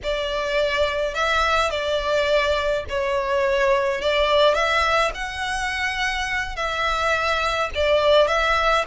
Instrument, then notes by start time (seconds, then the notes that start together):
violin
0.03 D5
1.14 E5
1.70 D5
2.89 C#5
4.01 D5
4.54 E5
5.14 F#5
6.56 E5
7.74 D5
8.27 E5